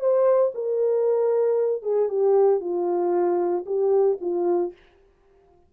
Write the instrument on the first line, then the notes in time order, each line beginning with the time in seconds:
horn
0.00 C5
0.55 A#4
1.83 G#4
2.09 G4
2.61 F4
3.66 G4
4.21 F4